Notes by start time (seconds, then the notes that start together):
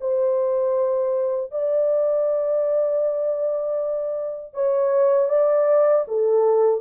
0.00 C5
1.51 D5
4.54 C#5
5.29 D5
6.07 A4